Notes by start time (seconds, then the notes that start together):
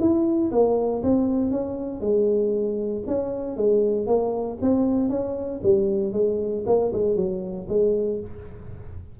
0.00 E4
0.52 A#3
1.03 C4
1.51 C#4
2.01 G#3
3.07 C#4
3.57 G#3
4.07 A#3
4.62 C4
5.10 C#4
5.63 G3
6.13 G#3
6.66 A#3
6.93 G#3
7.16 F#3
7.69 G#3